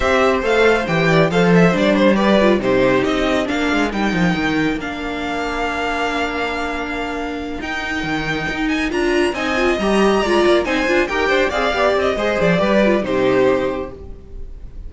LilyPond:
<<
  \new Staff \with { instrumentName = "violin" } { \time 4/4 \tempo 4 = 138 e''4 f''4 g''4 f''8 e''8 | d''8 c''8 d''4 c''4 dis''4 | f''4 g''2 f''4~ | f''1~ |
f''4. g''2~ g''8 | gis''8 ais''4 gis''4 ais''4.~ | ais''8 gis''4 g''4 f''4 dis''8~ | dis''8 d''4. c''2 | }
  \new Staff \with { instrumentName = "violin" } { \time 4/4 c''2~ c''8 d''8 c''4~ | c''4 b'4 g'2 | ais'1~ | ais'1~ |
ais'1~ | ais'4. dis''2 d''8~ | d''8 c''4 ais'8 c''8 d''4. | c''4 b'4 g'2 | }
  \new Staff \with { instrumentName = "viola" } { \time 4/4 g'4 a'4 g'4 a'4 | d'4 g'8 f'8 dis'2 | d'4 dis'2 d'4~ | d'1~ |
d'4. dis'2~ dis'8~ | dis'8 f'4 dis'8 f'8 g'4 f'8~ | f'8 dis'8 f'8 g'4 gis'8 g'4 | gis'4 g'8 f'8 dis'2 | }
  \new Staff \with { instrumentName = "cello" } { \time 4/4 c'4 a4 e4 f4 | g2 c4 c'4 | ais8 gis8 g8 f8 dis4 ais4~ | ais1~ |
ais4. dis'4 dis4 dis'8~ | dis'8 d'4 c'4 g4 gis8 | ais8 c'8 d'8 dis'8 d'8 c'8 b8 c'8 | gis8 f8 g4 c2 | }
>>